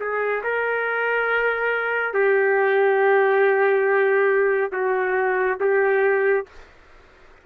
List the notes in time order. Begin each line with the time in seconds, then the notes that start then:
0.00 G#4
0.43 A#4
2.14 G4
4.72 F#4
5.60 G4